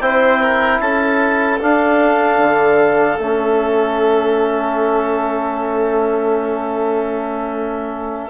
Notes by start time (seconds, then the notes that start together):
0.00 C4 E4 C5 G5
0.41 A#4
0.80 C#4 A4 A5
1.60 D4 F5
2.38 D3
3.18 A3 C#4 E5